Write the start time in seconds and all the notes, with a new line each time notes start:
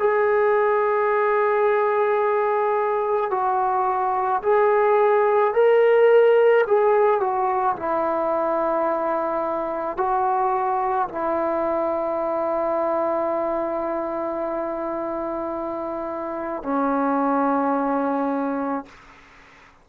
0.00 G#4
3.31 F#4
4.43 G#4
5.54 A#4
6.68 G#4
7.21 F#4
7.76 E4
9.97 F#4
11.09 E4
16.64 C#4